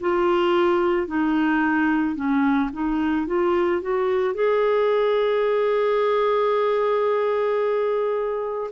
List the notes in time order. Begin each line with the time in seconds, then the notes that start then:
0.00 F4
1.07 D#4
2.15 C#4
2.72 D#4
3.26 F4
3.81 F#4
4.34 G#4